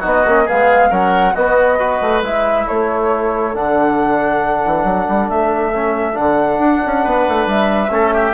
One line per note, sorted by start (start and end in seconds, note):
0.00 0.26 B3
0.00 0.25 D#4
0.00 0.44 F#4
0.00 0.48 D#5
0.26 0.48 A#3
0.26 0.47 C#4
0.45 0.90 B3
0.45 0.89 G#4
0.45 0.92 F5
0.52 0.91 G#3
0.90 1.35 F#3
0.90 1.34 C#4
0.90 1.34 A#4
0.90 1.35 F#5
1.34 2.01 B3
1.34 1.79 B3
1.34 1.78 F#4
1.34 2.23 D#5
1.79 2.23 F#4
1.79 2.66 B4
2.01 2.22 A3
2.22 2.66 G#3
2.22 3.54 E4
2.22 2.68 E5
2.66 3.56 A3
2.66 7.03 A4
2.66 3.55 C#5
3.54 4.65 D3
3.54 5.73 D4
3.54 5.30 F#5
4.65 4.84 E3
4.84 5.06 F#3
5.08 5.29 G3
5.29 6.17 A3
5.29 6.17 E5
5.73 6.13 C#4
6.13 6.59 D3
6.13 7.88 D4
6.13 7.48 F#5
6.59 6.81 D4
6.86 7.05 C#4
7.03 7.27 B3
7.03 7.91 B4
7.28 7.46 A3
7.46 7.90 G3
7.46 8.34 E5
7.90 8.34 A3
7.90 8.34 C#4
7.90 8.14 A4
8.14 8.34 G4